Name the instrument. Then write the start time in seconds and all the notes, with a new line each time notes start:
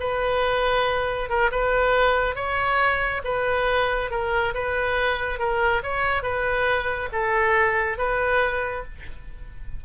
oboe
0.00 B4
1.29 A#4
1.51 B4
2.35 C#5
3.24 B4
4.11 A#4
4.54 B4
5.39 A#4
5.83 C#5
6.23 B4
7.13 A4
7.98 B4